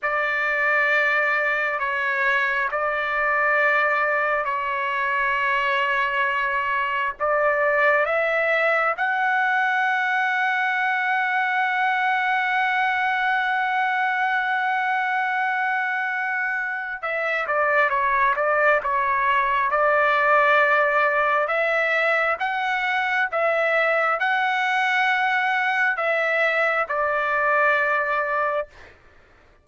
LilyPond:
\new Staff \with { instrumentName = "trumpet" } { \time 4/4 \tempo 4 = 67 d''2 cis''4 d''4~ | d''4 cis''2. | d''4 e''4 fis''2~ | fis''1~ |
fis''2. e''8 d''8 | cis''8 d''8 cis''4 d''2 | e''4 fis''4 e''4 fis''4~ | fis''4 e''4 d''2 | }